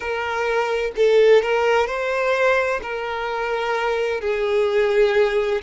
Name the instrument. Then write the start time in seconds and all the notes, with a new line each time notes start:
violin
0.00 A#4
0.96 A4
1.41 A#4
1.86 C5
2.82 A#4
4.21 G#4